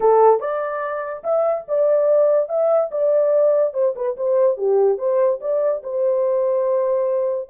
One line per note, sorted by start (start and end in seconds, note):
0.00 0.40 A4
0.40 1.23 D5
1.23 1.65 E5
1.67 2.48 D5
2.48 2.90 E5
2.91 3.73 D5
3.73 3.94 C5
3.95 4.16 B4
4.17 4.57 C5
4.57 4.98 G4
4.98 5.39 C5
5.41 5.82 D5
5.83 7.49 C5